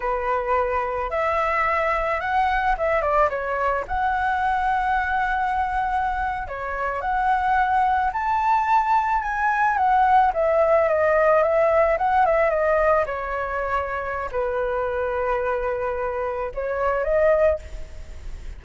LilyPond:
\new Staff \with { instrumentName = "flute" } { \time 4/4 \tempo 4 = 109 b'2 e''2 | fis''4 e''8 d''8 cis''4 fis''4~ | fis''2.~ fis''8. cis''16~ | cis''8. fis''2 a''4~ a''16~ |
a''8. gis''4 fis''4 e''4 dis''16~ | dis''8. e''4 fis''8 e''8 dis''4 cis''16~ | cis''2 b'2~ | b'2 cis''4 dis''4 | }